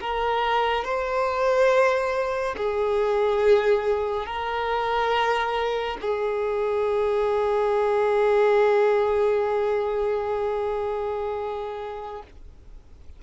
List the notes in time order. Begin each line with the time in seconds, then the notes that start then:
0.00 A#4
0.84 C5
2.57 G#4
4.26 A#4
6.01 G#4